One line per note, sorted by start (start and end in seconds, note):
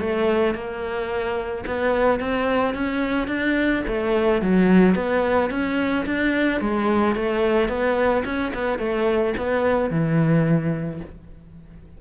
0.00 0.55 A3
0.55 1.65 A#3
1.66 2.20 B3
2.20 2.74 C4
2.74 3.28 C#4
3.28 3.83 D4
3.88 4.42 A3
4.42 4.95 F#3
4.95 5.50 B3
5.50 6.06 C#4
6.06 6.61 D4
6.61 7.16 G#3
7.16 7.69 A3
7.69 8.24 B3
8.25 8.52 C#4
8.54 8.79 B3
8.79 9.34 A3
9.38 9.91 B3
9.91 11.01 E3